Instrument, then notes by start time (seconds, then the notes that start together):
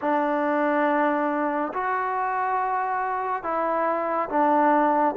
trombone
0.01 D4
1.73 F#4
3.43 E4
4.29 D4